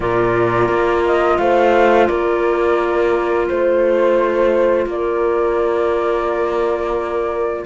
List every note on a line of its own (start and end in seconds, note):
0.00 0.68 A#2
0.00 7.65 F4
0.00 1.37 A#4
0.00 1.04 D5
0.68 1.38 A#3
1.05 1.37 D#5
1.37 2.08 A3
1.37 2.08 C5
1.37 2.07 F5
2.07 3.49 A#3
2.07 3.48 A#4
2.07 3.46 D5
3.48 4.85 A3
3.48 4.87 C5
3.48 4.89 C5
4.85 7.65 A#3
4.85 7.65 A#4
4.85 7.65 D5